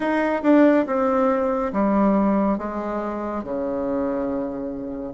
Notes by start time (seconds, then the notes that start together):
0.00 D#4
0.42 D4
0.86 C4
1.73 G3
2.58 G#3
3.43 C#3